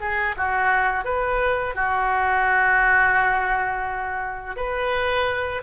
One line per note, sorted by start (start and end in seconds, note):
0.00 0.35 G#4
0.37 1.05 F#4
1.05 1.75 B4
1.75 4.56 F#4
4.56 5.62 B4